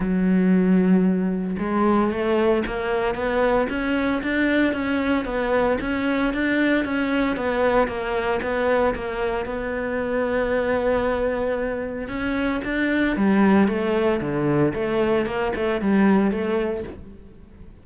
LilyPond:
\new Staff \with { instrumentName = "cello" } { \time 4/4 \tempo 4 = 114 fis2. gis4 | a4 ais4 b4 cis'4 | d'4 cis'4 b4 cis'4 | d'4 cis'4 b4 ais4 |
b4 ais4 b2~ | b2. cis'4 | d'4 g4 a4 d4 | a4 ais8 a8 g4 a4 | }